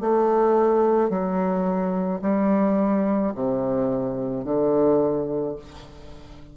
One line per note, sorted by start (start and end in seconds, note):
0.00 1.09 A3
1.09 2.20 F#3
2.21 3.32 G3
3.34 4.44 C3
4.44 5.55 D3